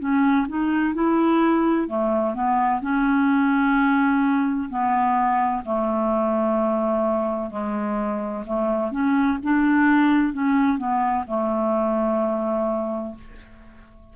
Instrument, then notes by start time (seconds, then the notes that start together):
clarinet
0.00 C#4
0.49 D#4
0.95 E4
1.88 A3
2.35 B3
2.82 C#4
4.70 B3
5.65 A3
7.51 G#3
8.46 A3
8.92 C#4
9.43 D4
10.33 C#4
10.78 B3
11.28 A3